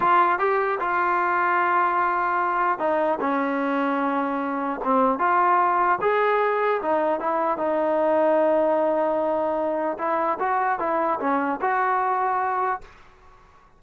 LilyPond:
\new Staff \with { instrumentName = "trombone" } { \time 4/4 \tempo 4 = 150 f'4 g'4 f'2~ | f'2. dis'4 | cis'1 | c'4 f'2 gis'4~ |
gis'4 dis'4 e'4 dis'4~ | dis'1~ | dis'4 e'4 fis'4 e'4 | cis'4 fis'2. | }